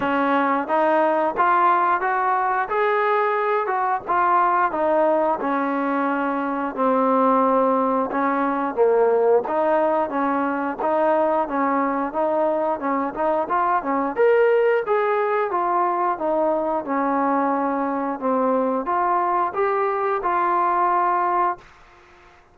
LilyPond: \new Staff \with { instrumentName = "trombone" } { \time 4/4 \tempo 4 = 89 cis'4 dis'4 f'4 fis'4 | gis'4. fis'8 f'4 dis'4 | cis'2 c'2 | cis'4 ais4 dis'4 cis'4 |
dis'4 cis'4 dis'4 cis'8 dis'8 | f'8 cis'8 ais'4 gis'4 f'4 | dis'4 cis'2 c'4 | f'4 g'4 f'2 | }